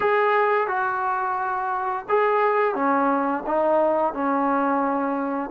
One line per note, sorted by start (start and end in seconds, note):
0.00 0.67 G#4
0.67 2.05 F#4
2.08 2.74 G#4
2.74 3.43 C#4
3.46 4.13 D#4
4.13 5.50 C#4